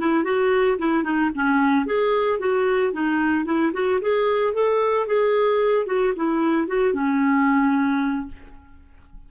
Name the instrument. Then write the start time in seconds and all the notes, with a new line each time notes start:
clarinet
0.00 E4
0.24 F#4
0.79 E4
1.04 D#4
1.35 C#4
1.86 G#4
2.39 F#4
2.93 D#4
3.46 E4
3.73 F#4
4.01 G#4
4.54 A4
5.07 G#4
5.87 F#4
6.16 E4
6.68 F#4
6.94 C#4